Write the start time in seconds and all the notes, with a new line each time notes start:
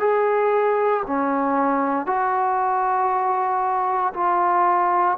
0.00 G#4
1.07 C#4
2.06 F#4
4.14 F4